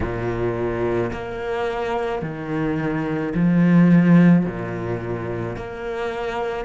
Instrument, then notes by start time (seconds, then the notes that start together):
cello
0.00 A#2
1.12 A#3
2.22 D#3
3.34 F3
4.45 A#2
5.56 A#3